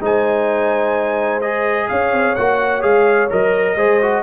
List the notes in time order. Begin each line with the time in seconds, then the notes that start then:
0.00 G#3 D#4 C5 G#5
1.41 G#4 D#5
1.88 C#4 C#5 F5
2.12 C4
2.35 A#3 F#4 F#5
2.81 G#3 G#4 F5
3.30 F#3 A#4 D#5
3.75 G#3 G#4 C5
4.01 F#4